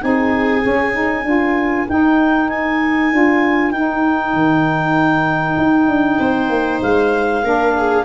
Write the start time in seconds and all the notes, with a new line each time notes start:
0.00 C4 D#4 G#4 G#5
0.61 C#4
0.92 D#4
1.24 D4 F4 A#4
1.88 D#4 G5
2.49 G#5
3.11 D4 F4
3.70 D#4 G5
4.33 D#3
5.57 D#4
5.87 D4
6.19 C4 C5
6.49 A#3
6.82 G#3 F5
7.43 A#3 D4 A#4
7.77 G#4